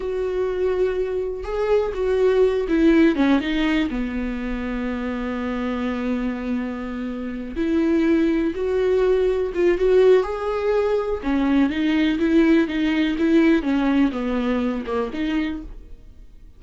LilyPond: \new Staff \with { instrumentName = "viola" } { \time 4/4 \tempo 4 = 123 fis'2. gis'4 | fis'4. e'4 cis'8 dis'4 | b1~ | b2.~ b8 e'8~ |
e'4. fis'2 f'8 | fis'4 gis'2 cis'4 | dis'4 e'4 dis'4 e'4 | cis'4 b4. ais8 dis'4 | }